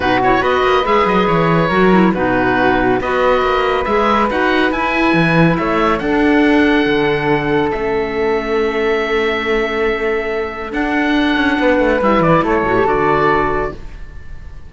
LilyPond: <<
  \new Staff \with { instrumentName = "oboe" } { \time 4/4 \tempo 4 = 140 b'8 cis''8 dis''4 e''8 dis''8 cis''4~ | cis''4 b'2 dis''4~ | dis''4 e''4 fis''4 gis''4~ | gis''4 e''4 fis''2~ |
fis''2 e''2~ | e''1~ | e''4 fis''2. | e''8 d''8 cis''4 d''2 | }
  \new Staff \with { instrumentName = "flute" } { \time 4/4 fis'4 b'2. | ais'4 fis'2 b'4~ | b'1~ | b'4 cis''4 a'2~ |
a'1~ | a'1~ | a'2. b'4~ | b'4 a'2. | }
  \new Staff \with { instrumentName = "clarinet" } { \time 4/4 dis'8 e'8 fis'4 gis'2 | fis'8 e'8 dis'2 fis'4~ | fis'4 gis'4 fis'4 e'4~ | e'2 d'2~ |
d'2 cis'2~ | cis'1~ | cis'4 d'2. | e'4. fis'16 g'16 fis'2 | }
  \new Staff \with { instrumentName = "cello" } { \time 4/4 b,4 b8 ais8 gis8 fis8 e4 | fis4 b,2 b4 | ais4 gis4 dis'4 e'4 | e4 a4 d'2 |
d2 a2~ | a1~ | a4 d'4. cis'8 b8 a8 | g8 e8 a8 a,8 d2 | }
>>